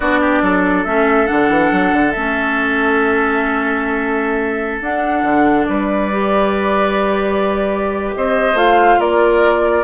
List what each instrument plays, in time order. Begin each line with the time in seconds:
0.00 bassoon B3, clarinet D4, oboe F#4, flute D5
0.20 oboe G4
0.42 bassoon F#3, oboe A4
0.84 bassoon A3, clarinet C#4, flute E5
1.26 bassoon D3, clarinet D4, flute F#5
1.49 bassoon E3
1.71 bassoon F#3
1.92 bassoon D3
2.11 bassoon A3, clarinet C#4, flute E5
4.81 bassoon D4, clarinet D4, flute F#5
5.22 bassoon D3
5.64 bassoon G3, oboe B4, flute D5
6.11 clarinet G4
8.14 bassoon C4, oboe C5, flute D#5
8.54 bassoon A3, clarinet F4, flute F5
8.98 bassoon A#3, oboe A#4, flute D5